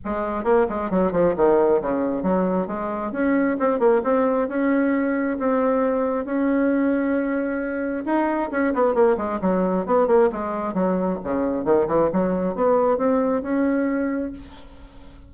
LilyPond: \new Staff \with { instrumentName = "bassoon" } { \time 4/4 \tempo 4 = 134 gis4 ais8 gis8 fis8 f8 dis4 | cis4 fis4 gis4 cis'4 | c'8 ais8 c'4 cis'2 | c'2 cis'2~ |
cis'2 dis'4 cis'8 b8 | ais8 gis8 fis4 b8 ais8 gis4 | fis4 cis4 dis8 e8 fis4 | b4 c'4 cis'2 | }